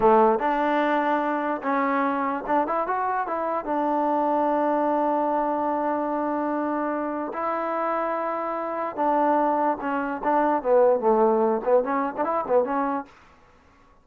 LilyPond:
\new Staff \with { instrumentName = "trombone" } { \time 4/4 \tempo 4 = 147 a4 d'2. | cis'2 d'8 e'8 fis'4 | e'4 d'2.~ | d'1~ |
d'2 e'2~ | e'2 d'2 | cis'4 d'4 b4 a4~ | a8 b8 cis'8. d'16 e'8 b8 cis'4 | }